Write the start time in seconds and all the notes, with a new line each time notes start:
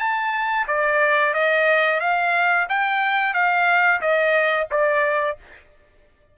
0.00 A5
0.68 D5
1.34 D#5
2.01 F5
2.70 G5
3.34 F5
4.01 D#5
4.71 D5